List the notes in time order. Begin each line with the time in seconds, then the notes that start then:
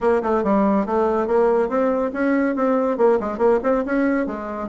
0.00 A#3
0.22 A3
0.43 G3
0.85 A3
1.27 A#3
1.68 C4
2.13 C#4
2.55 C4
2.97 A#3
3.19 G#3
3.38 A#3
3.63 C4
3.85 C#4
4.26 G#3